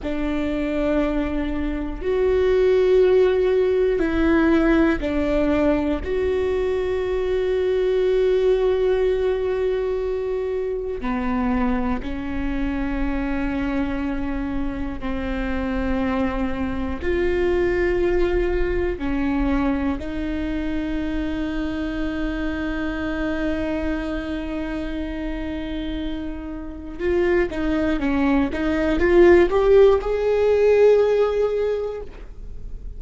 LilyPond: \new Staff \with { instrumentName = "viola" } { \time 4/4 \tempo 4 = 60 d'2 fis'2 | e'4 d'4 fis'2~ | fis'2. b4 | cis'2. c'4~ |
c'4 f'2 cis'4 | dis'1~ | dis'2. f'8 dis'8 | cis'8 dis'8 f'8 g'8 gis'2 | }